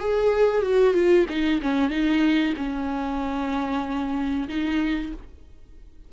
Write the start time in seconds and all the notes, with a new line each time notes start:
0.00 G#4
0.62 F#4
0.95 F4
1.29 D#4
1.62 C#4
1.90 D#4
2.57 C#4
4.49 D#4